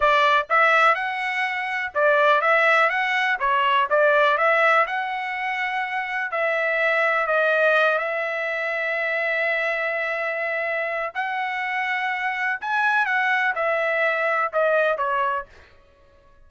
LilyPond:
\new Staff \with { instrumentName = "trumpet" } { \time 4/4 \tempo 4 = 124 d''4 e''4 fis''2 | d''4 e''4 fis''4 cis''4 | d''4 e''4 fis''2~ | fis''4 e''2 dis''4~ |
dis''8 e''2.~ e''8~ | e''2. fis''4~ | fis''2 gis''4 fis''4 | e''2 dis''4 cis''4 | }